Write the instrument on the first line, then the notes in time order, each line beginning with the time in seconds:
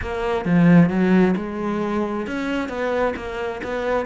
cello
0.01 A#3
0.45 F3
0.89 F#3
1.36 G#3
2.26 C#4
2.68 B3
3.16 A#3
3.63 B3